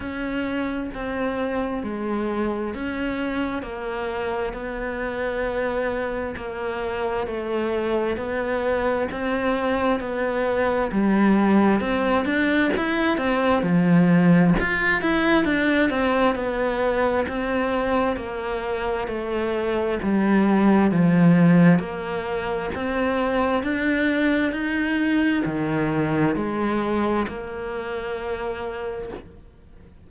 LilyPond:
\new Staff \with { instrumentName = "cello" } { \time 4/4 \tempo 4 = 66 cis'4 c'4 gis4 cis'4 | ais4 b2 ais4 | a4 b4 c'4 b4 | g4 c'8 d'8 e'8 c'8 f4 |
f'8 e'8 d'8 c'8 b4 c'4 | ais4 a4 g4 f4 | ais4 c'4 d'4 dis'4 | dis4 gis4 ais2 | }